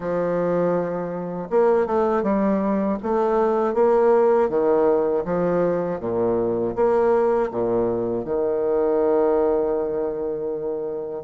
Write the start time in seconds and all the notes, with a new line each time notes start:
0.00 F3
1.50 A#3
1.86 A3
2.23 G3
3.02 A3
3.74 A#3
4.49 D#3
5.25 F3
6.00 A#2
6.75 A#3
7.50 A#2
8.24 D#3